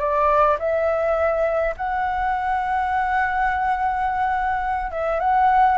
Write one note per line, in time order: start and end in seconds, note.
0.00 0.58 D5
0.60 1.75 E5
1.77 4.92 F#5
4.92 5.20 E5
5.20 5.78 F#5